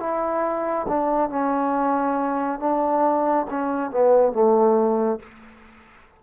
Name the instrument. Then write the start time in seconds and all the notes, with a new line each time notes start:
trombone
0.00 E4
0.89 D4
1.30 C#4
2.60 D4
3.50 C#4
3.91 B3
4.33 A3